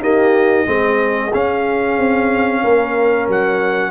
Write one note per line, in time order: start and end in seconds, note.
0.00 0.66 A#3
0.00 0.65 D#4
0.00 0.66 G4
0.00 1.33 D#5
0.66 1.32 G#3
0.66 1.31 C4
0.66 2.62 G#4
1.34 3.92 C#4
1.34 1.98 C#4
1.34 3.29 F5
1.98 2.64 C4
2.62 3.28 A#3
2.62 3.92 A#4
3.28 3.92 F#3
3.28 3.92 F#5